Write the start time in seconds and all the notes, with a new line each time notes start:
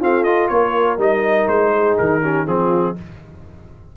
0.00 C4 F4 A4 F5
0.23 F4 D#5
0.48 A#3 A#4 C#5
0.98 G3 D#4 D#5
1.48 G#3 C5
1.73 G#4
1.98 D#3 A#4
2.22 C#4 G4
2.46 F3 C4 F4 G#4